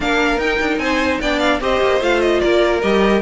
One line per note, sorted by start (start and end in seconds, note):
0.00 0.37 A#3
0.00 0.40 D4
0.00 0.81 A#4
0.00 0.39 F5
0.37 0.57 D#4
0.37 0.78 G5
0.44 1.23 D#4
0.60 0.78 D4
0.78 1.18 C4
0.78 1.20 C5
0.78 1.18 G#5
1.20 1.60 B3
1.20 1.60 D4
1.20 1.61 D5
1.20 1.39 G5
1.39 1.59 F5
1.60 1.80 C4
1.60 2.01 G4
1.60 2.42 C5
1.60 2.02 D#5
1.80 2.01 A#3
2.01 2.41 A3
2.01 2.82 F4
2.01 2.20 F5
2.20 2.40 D#5
2.40 2.82 A#3
2.40 3.21 A#4
2.40 2.80 D5
2.81 3.21 G3
2.81 3.21 G4
2.81 3.21 D#5